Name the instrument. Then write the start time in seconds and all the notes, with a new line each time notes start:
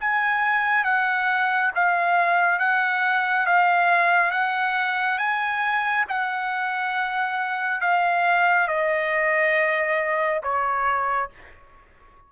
trumpet
0.00 G#5
0.85 F#5
1.75 F5
2.59 F#5
3.46 F5
4.31 F#5
5.18 G#5
6.09 F#5
7.81 F5
8.68 D#5
10.43 C#5